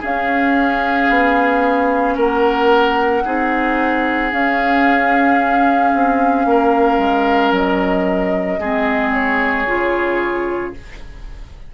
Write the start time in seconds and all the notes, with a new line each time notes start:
0.00 C#4 G#4 F5
1.09 B3
2.16 A#3 A#4 F#5
3.25 C4 D#4 G#4
4.31 C#4 F5
5.94 C4
6.45 A#3 A#4
6.97 G#3
7.51 F#3 D#5
8.59 G#3 C4 G#4
9.12 C#5
9.67 C#3 F4